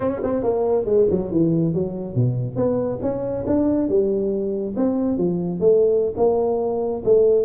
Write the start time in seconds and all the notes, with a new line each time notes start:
0.00 C#4
0.23 C4
0.43 A#3
0.85 G#3
1.10 F#3
1.31 E3
1.74 F#3
2.15 B2
2.56 B3
3.02 C#4
3.46 D4
3.88 G3
4.76 C4
5.17 F3
5.60 A3
6.16 A#3
7.05 A3